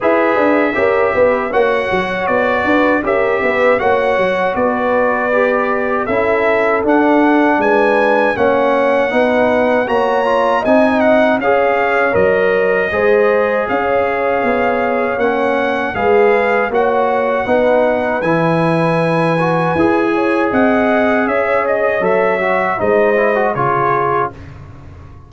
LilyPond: <<
  \new Staff \with { instrumentName = "trumpet" } { \time 4/4 \tempo 4 = 79 e''2 fis''4 d''4 | e''4 fis''4 d''2 | e''4 fis''4 gis''4 fis''4~ | fis''4 ais''4 gis''8 fis''8 f''4 |
dis''2 f''2 | fis''4 f''4 fis''2 | gis''2. fis''4 | e''8 dis''8 e''4 dis''4 cis''4 | }
  \new Staff \with { instrumentName = "horn" } { \time 4/4 b'4 ais'8 b'8 cis''4. b'8 | ais'8 b'8 cis''4 b'2 | a'2 b'4 cis''4 | b'4 cis''4 dis''4 cis''4~ |
cis''4 c''4 cis''2~ | cis''4 b'4 cis''4 b'4~ | b'2~ b'8 cis''8 dis''4 | cis''2 c''4 gis'4 | }
  \new Staff \with { instrumentName = "trombone" } { \time 4/4 gis'4 g'4 fis'2 | g'4 fis'2 g'4 | e'4 d'2 cis'4 | dis'4 fis'8 f'8 dis'4 gis'4 |
ais'4 gis'2. | cis'4 gis'4 fis'4 dis'4 | e'4. fis'8 gis'2~ | gis'4 a'8 fis'8 dis'8 e'16 fis'16 f'4 | }
  \new Staff \with { instrumentName = "tuba" } { \time 4/4 e'8 d'8 cis'8 b8 ais8 fis8 b8 d'8 | cis'8 b8 ais8 fis8 b2 | cis'4 d'4 gis4 ais4 | b4 ais4 c'4 cis'4 |
fis4 gis4 cis'4 b4 | ais4 gis4 ais4 b4 | e2 e'4 c'4 | cis'4 fis4 gis4 cis4 | }
>>